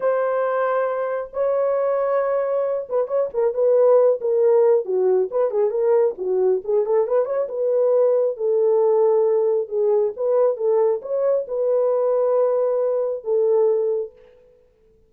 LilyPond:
\new Staff \with { instrumentName = "horn" } { \time 4/4 \tempo 4 = 136 c''2. cis''4~ | cis''2~ cis''8 b'8 cis''8 ais'8 | b'4. ais'4. fis'4 | b'8 gis'8 ais'4 fis'4 gis'8 a'8 |
b'8 cis''8 b'2 a'4~ | a'2 gis'4 b'4 | a'4 cis''4 b'2~ | b'2 a'2 | }